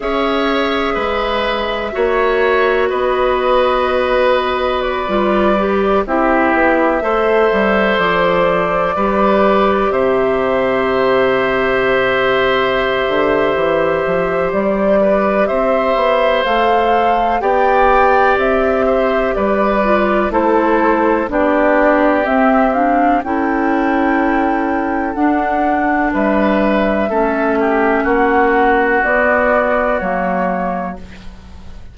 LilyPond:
<<
  \new Staff \with { instrumentName = "flute" } { \time 4/4 \tempo 4 = 62 e''2. dis''4~ | dis''4 d''4~ d''16 e''4.~ e''16~ | e''16 d''2 e''4.~ e''16~ | e''2. d''4 |
e''4 f''4 g''4 e''4 | d''4 c''4 d''4 e''8 f''8 | g''2 fis''4 e''4~ | e''4 fis''4 d''4 cis''4 | }
  \new Staff \with { instrumentName = "oboe" } { \time 4/4 cis''4 b'4 cis''4 b'4~ | b'2~ b'16 g'4 c''8.~ | c''4~ c''16 b'4 c''4.~ c''16~ | c''2.~ c''8 b'8 |
c''2 d''4. c''8 | b'4 a'4 g'2 | a'2. b'4 | a'8 g'8 fis'2. | }
  \new Staff \with { instrumentName = "clarinet" } { \time 4/4 gis'2 fis'2~ | fis'4~ fis'16 f'8 g'8 e'4 a'8.~ | a'4~ a'16 g'2~ g'8.~ | g'1~ |
g'4 a'4 g'2~ | g'8 f'8 e'4 d'4 c'8 d'8 | e'2 d'2 | cis'2 b4 ais4 | }
  \new Staff \with { instrumentName = "bassoon" } { \time 4/4 cis'4 gis4 ais4 b4~ | b4~ b16 g4 c'8 b8 a8 g16~ | g16 f4 g4 c4.~ c16~ | c4. d8 e8 f8 g4 |
c'8 b8 a4 b4 c'4 | g4 a4 b4 c'4 | cis'2 d'4 g4 | a4 ais4 b4 fis4 | }
>>